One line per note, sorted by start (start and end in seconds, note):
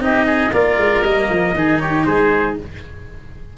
0.00 0.51 C4
0.00 0.51 D#4
0.00 0.26 G4
0.00 0.54 D#5
0.26 0.52 G#4
0.53 0.77 A#3
0.53 1.04 F4
0.53 1.56 A#4
0.53 1.04 D5
0.77 1.03 G#3
1.03 1.29 G3
1.03 1.56 A#3
1.03 1.80 D#5
1.30 1.54 F3
1.54 2.05 D#3
1.54 2.58 D#4
1.54 1.82 G#4
1.80 2.07 G4
1.80 2.05 C#5
2.06 2.57 G#3
2.06 2.58 G#4
2.06 2.56 C5